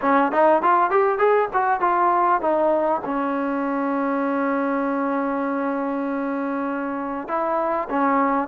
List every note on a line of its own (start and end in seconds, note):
0.01 0.32 C#4
0.32 0.62 D#4
0.62 0.90 F4
0.90 1.18 G4
1.18 1.48 G#4
1.53 1.80 F#4
1.80 2.41 F4
2.41 3.01 D#4
3.04 7.28 C#4
7.28 7.88 E4
7.89 8.47 C#4